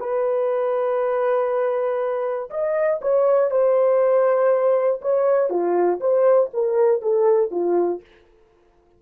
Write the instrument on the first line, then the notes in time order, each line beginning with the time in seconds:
horn
0.00 B4
2.51 D#5
3.02 C#5
3.51 C5
5.02 C#5
5.50 F4
6.01 C5
6.54 A#4
7.02 A4
7.52 F4